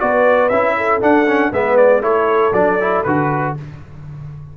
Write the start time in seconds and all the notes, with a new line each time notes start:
0.00 B3 F#4 B4 D5
0.49 C#4 E4 E5
0.77 A4
1.01 D4 F#5
1.27 C#4
1.51 G#3 B3 B4 E5
1.77 D5
2.02 A3 E4 A4 C#5
2.53 F#3 D4 D5
2.81 E4
3.04 D3 F#4 B4